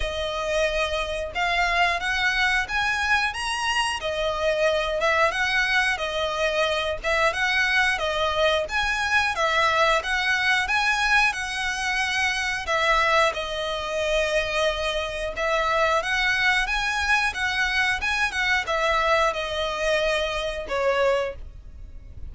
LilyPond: \new Staff \with { instrumentName = "violin" } { \time 4/4 \tempo 4 = 90 dis''2 f''4 fis''4 | gis''4 ais''4 dis''4. e''8 | fis''4 dis''4. e''8 fis''4 | dis''4 gis''4 e''4 fis''4 |
gis''4 fis''2 e''4 | dis''2. e''4 | fis''4 gis''4 fis''4 gis''8 fis''8 | e''4 dis''2 cis''4 | }